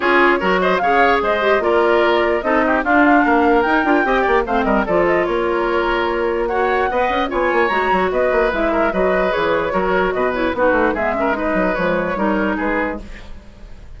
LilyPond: <<
  \new Staff \with { instrumentName = "flute" } { \time 4/4 \tempo 4 = 148 cis''4. dis''8 f''4 dis''4 | d''2 dis''4 f''4~ | f''4 g''2 f''8 dis''8 | d''8 dis''8 cis''2. |
fis''2 gis''4 ais''4 | dis''4 e''4 dis''4 cis''4~ | cis''4 dis''8 cis''8 b'4 e''4 | dis''4 cis''2 b'4 | }
  \new Staff \with { instrumentName = "oboe" } { \time 4/4 gis'4 ais'8 c''8 cis''4 c''4 | ais'2 a'8 g'8 f'4 | ais'2 dis''8 d''8 c''8 ais'8 | a'4 ais'2. |
cis''4 dis''4 cis''2 | b'4. ais'8 b'2 | ais'4 b'4 fis'4 gis'8 ais'8 | b'2 ais'4 gis'4 | }
  \new Staff \with { instrumentName = "clarinet" } { \time 4/4 f'4 fis'4 gis'4. g'8 | f'2 dis'4 d'4~ | d'4 dis'8 f'8 g'4 c'4 | f'1 |
fis'4 b'4 f'4 fis'4~ | fis'4 e'4 fis'4 gis'4 | fis'4. e'8 dis'4 b8 cis'8 | dis'4 gis4 dis'2 | }
  \new Staff \with { instrumentName = "bassoon" } { \time 4/4 cis'4 fis4 cis4 gis4 | ais2 c'4 d'4 | ais4 dis'8 d'8 c'8 ais8 a8 g8 | f4 ais2.~ |
ais4 b8 cis'8 b8 ais8 gis8 fis8 | b8 ais8 gis4 fis4 e4 | fis4 b,4 b8 a8 gis4~ | gis8 fis8 f4 g4 gis4 | }
>>